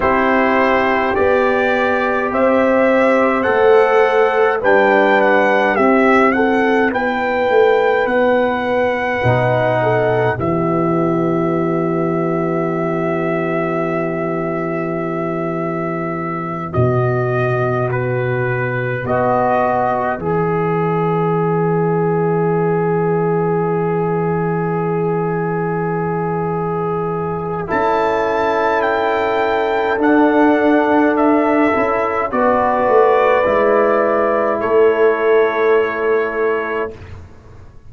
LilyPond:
<<
  \new Staff \with { instrumentName = "trumpet" } { \time 4/4 \tempo 4 = 52 c''4 d''4 e''4 fis''4 | g''8 fis''8 e''8 fis''8 g''4 fis''4~ | fis''4 e''2.~ | e''2~ e''8 dis''4 b'8~ |
b'8 dis''4 e''2~ e''8~ | e''1 | a''4 g''4 fis''4 e''4 | d''2 cis''2 | }
  \new Staff \with { instrumentName = "horn" } { \time 4/4 g'2 c''2 | b'4 g'8 a'8 b'2~ | b'8 a'8 g'2.~ | g'2~ g'8 fis'4.~ |
fis'8 b'2.~ b'8~ | b'1 | a'1 | b'2 a'2 | }
  \new Staff \with { instrumentName = "trombone" } { \time 4/4 e'4 g'2 a'4 | d'4 e'2. | dis'4 b2.~ | b1~ |
b8 fis'4 gis'2~ gis'8~ | gis'1 | e'2 d'4. e'8 | fis'4 e'2. | }
  \new Staff \with { instrumentName = "tuba" } { \time 4/4 c'4 b4 c'4 a4 | g4 c'4 b8 a8 b4 | b,4 e2.~ | e2~ e8 b,4.~ |
b,8 b4 e2~ e8~ | e1 | cis'2 d'4. cis'8 | b8 a8 gis4 a2 | }
>>